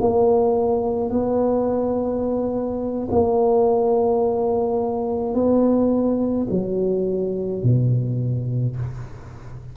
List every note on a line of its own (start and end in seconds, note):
0.00 1.10 A#3
1.10 3.08 B3
3.11 5.34 A#3
5.34 6.47 B3
6.50 7.63 F#3
7.63 8.76 B2